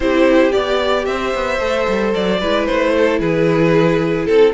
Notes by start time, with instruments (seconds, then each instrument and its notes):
0.00 cello C4, viola E4, violin G4 C5
0.51 cello B3, viola G4, violin D5
1.05 cello C4, violin C5 E5
1.34 cello B3
1.59 cello A3, viola A4
1.88 cello G3
2.14 cello F#3, violin D5
2.40 cello G#3, viola E4, violin B4
2.65 cello A3, violin C5
2.97 violin A4
3.20 cello E3, violin G#4 B4
4.25 cello C4, violin A4